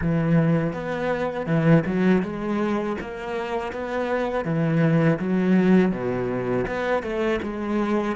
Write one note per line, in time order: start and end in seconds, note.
0.01 0.73 E3
0.73 1.46 B3
1.46 1.83 E3
1.86 2.22 F#3
2.22 2.96 G#3
3.00 3.72 A#3
3.72 4.44 B3
4.44 5.19 E3
5.19 5.91 F#3
5.91 6.65 B2
6.67 7.02 B3
7.02 7.39 A3
7.42 8.15 G#3